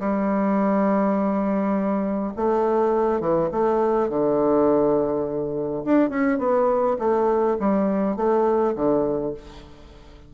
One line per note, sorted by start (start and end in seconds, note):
0.00 2.33 G3
2.37 3.21 A3
3.21 3.50 E3
3.52 4.10 A3
4.10 5.84 D3
5.85 6.10 D4
6.10 6.39 C#4
6.39 6.97 B3
6.99 7.58 A3
7.60 8.17 G3
8.17 8.75 A3
8.76 9.34 D3